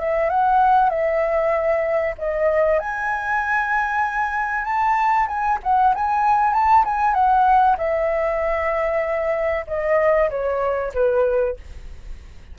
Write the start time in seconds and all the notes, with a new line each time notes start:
0.00 E5
0.30 F#5
0.90 E5
2.18 D#5
2.80 G#5
4.65 A5
5.28 G#5
5.64 F#5
5.95 G#5
6.53 A5
6.85 G#5
7.14 F#5
7.78 E5
9.68 D#5
10.30 C#5
10.94 B4